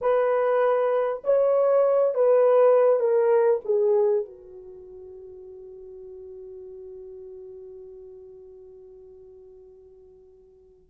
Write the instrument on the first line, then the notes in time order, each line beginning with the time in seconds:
horn
0.01 B4
1.24 C#5
2.14 B4
2.99 A#4
3.64 G#4
4.25 F#4